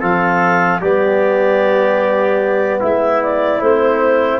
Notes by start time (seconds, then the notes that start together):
0.00 F3 C4 A4 F5
0.81 G3 B3 G4 D5
2.81 G#3 E4 E5
3.23 D5
3.61 A3 C4 C5